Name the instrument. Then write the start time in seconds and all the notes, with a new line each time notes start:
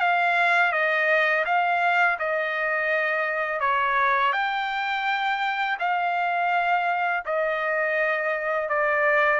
trumpet
0.00 F5
0.72 D#5
1.46 F5
2.19 D#5
3.60 C#5
4.33 G5
5.79 F5
7.26 D#5
8.69 D5